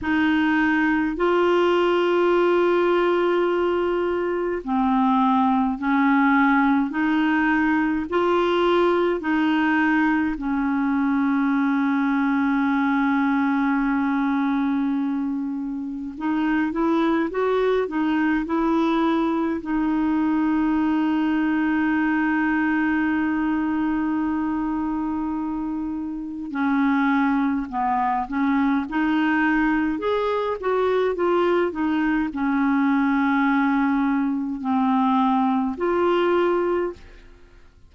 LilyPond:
\new Staff \with { instrumentName = "clarinet" } { \time 4/4 \tempo 4 = 52 dis'4 f'2. | c'4 cis'4 dis'4 f'4 | dis'4 cis'2.~ | cis'2 dis'8 e'8 fis'8 dis'8 |
e'4 dis'2.~ | dis'2. cis'4 | b8 cis'8 dis'4 gis'8 fis'8 f'8 dis'8 | cis'2 c'4 f'4 | }